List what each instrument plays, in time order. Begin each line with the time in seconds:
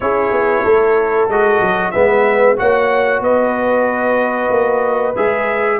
0.00 tuba C#4, trombone E4, horn G#4, trumpet C#5
0.31 tuba B3
0.63 tuba A3, horn A4
1.28 tuba G#3, trombone F#4, trumpet D#5
1.60 tuba F#3
1.91 tuba G#3, trombone B3, horn B4, trumpet E5
2.56 tuba A#3, trombone F#4, horn C#5, trumpet F#5
3.20 tuba B3, horn B4, trumpet D#5
4.50 tuba A#3
5.16 tuba G#3, trombone G#4, trumpet E5